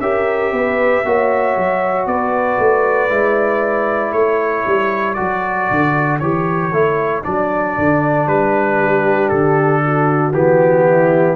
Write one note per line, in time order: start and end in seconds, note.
0.00 0.52 C#4
0.00 1.05 G4
0.00 0.53 A#4
0.00 2.06 E5
0.52 1.03 B3
0.52 1.05 B4
1.05 1.56 A#3
1.05 3.09 F#4
1.05 2.09 C#5
1.56 2.06 F#3
2.06 2.58 B3
2.06 4.16 B4
2.06 4.12 D5
2.58 3.10 A3
3.09 4.12 G#3
3.09 5.16 E4
4.12 4.64 A3
4.12 8.79 A4
4.12 5.14 C#5
4.66 5.18 G3
5.14 5.70 F#3
5.14 6.19 F#4
5.14 6.17 D5
5.71 6.20 D3
6.19 6.72 E3
6.19 6.72 G4
6.19 7.22 C#5
6.72 7.23 A3
6.72 7.22 E4
7.22 7.77 F#3
7.22 10.33 D4
7.22 8.27 D5
7.78 8.27 D3
8.27 9.30 G3
8.27 9.28 B4
8.79 9.82 G4
9.28 10.32 D3
9.28 10.32 A4
9.85 10.87 F#4
10.32 11.36 E3
10.32 11.36 B3
10.32 11.36 G4
10.87 11.36 E4